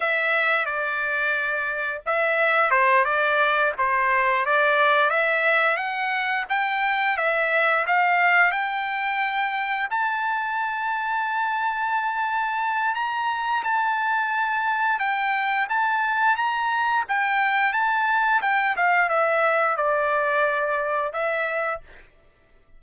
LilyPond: \new Staff \with { instrumentName = "trumpet" } { \time 4/4 \tempo 4 = 88 e''4 d''2 e''4 | c''8 d''4 c''4 d''4 e''8~ | e''8 fis''4 g''4 e''4 f''8~ | f''8 g''2 a''4.~ |
a''2. ais''4 | a''2 g''4 a''4 | ais''4 g''4 a''4 g''8 f''8 | e''4 d''2 e''4 | }